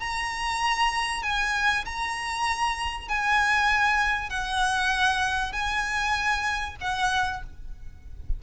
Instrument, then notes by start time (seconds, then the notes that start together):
violin
0.00 A#5
1.23 G#5
1.85 A#5
3.08 G#5
4.30 F#5
5.52 G#5
6.81 F#5